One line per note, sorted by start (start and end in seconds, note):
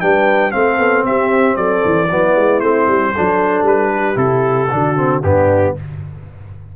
0.00 0.54 G3
0.00 0.51 D4
0.00 0.53 B4
0.00 0.51 G5
0.51 0.78 A3
0.51 2.08 C4
0.51 1.04 F5
0.58 1.07 A4
0.78 1.04 B3
1.05 1.57 C4
1.05 1.57 G4
1.05 1.56 E5
1.56 1.83 F#3
1.56 2.08 A4
1.56 2.60 D5
1.85 2.10 E3
2.08 2.36 F#3
2.08 2.62 B3
2.08 3.13 E4
2.36 2.61 G#3
2.60 2.87 A3
2.60 3.14 C4
2.60 3.64 C5
2.87 3.13 G3
3.13 3.63 F#3
3.13 4.15 D4
3.13 3.91 A4
3.63 4.15 G3
3.63 4.17 B4
3.94 4.72 G4
4.15 4.68 C3
4.15 4.67 E4
4.15 5.22 A4
4.71 5.23 D3
4.71 4.96 D4
4.71 5.24 F#4
4.96 5.22 C4
5.23 5.75 G2
5.23 5.76 B3
5.23 5.76 D4
5.23 5.76 G4